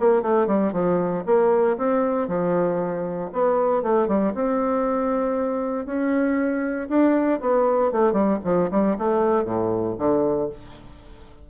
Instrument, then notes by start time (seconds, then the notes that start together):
bassoon
0.00 A#3
0.22 A3
0.47 G3
0.73 F3
1.26 A#3
1.78 C4
2.28 F3
3.33 B3
3.83 A3
4.08 G3
4.35 C4
5.86 C#4
6.89 D4
7.41 B3
7.92 A3
8.13 G3
8.44 F3
8.71 G3
8.98 A3
9.45 A2
9.98 D3